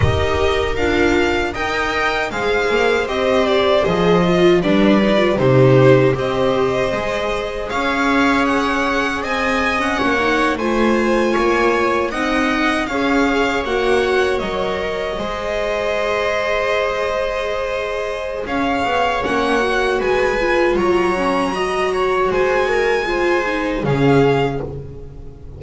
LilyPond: <<
  \new Staff \with { instrumentName = "violin" } { \time 4/4 \tempo 4 = 78 dis''4 f''4 g''4 f''4 | dis''8 d''8 dis''4 d''4 c''4 | dis''2 f''4 fis''4 | gis''8. fis''4 gis''2 fis''16~ |
fis''8. f''4 fis''4 dis''4~ dis''16~ | dis''1 | f''4 fis''4 gis''4 ais''4~ | ais''4 gis''2 f''4 | }
  \new Staff \with { instrumentName = "viola" } { \time 4/4 ais'2 dis''4 c''4~ | c''2 b'4 g'4 | c''2 cis''2 | dis''4 cis''8. c''4 cis''4 dis''16~ |
dis''8. cis''2. c''16~ | c''1 | cis''2 b'4 cis''4 | dis''8 cis''8 c''8 ais'8 c''4 gis'4 | }
  \new Staff \with { instrumentName = "viola" } { \time 4/4 g'4 f'4 ais'4 gis'4 | g'4 gis'8 f'8 d'8 dis'16 f'16 dis'4 | g'4 gis'2.~ | gis'8. cis'8 dis'8 f'2 dis'16~ |
dis'8. gis'4 fis'4 ais'4 gis'16~ | gis'1~ | gis'4 cis'8 fis'4 f'4 cis'8 | fis'2 f'8 dis'8 cis'4 | }
  \new Staff \with { instrumentName = "double bass" } { \time 4/4 dis'4 d'4 dis'4 gis8 ais8 | c'4 f4 g4 c4 | c'4 gis4 cis'2 | c'4 ais8. a4 ais4 c'16~ |
c'8. cis'4 ais4 fis4 gis16~ | gis1 | cis'8 b8 ais4 gis4 fis4~ | fis4 gis2 cis4 | }
>>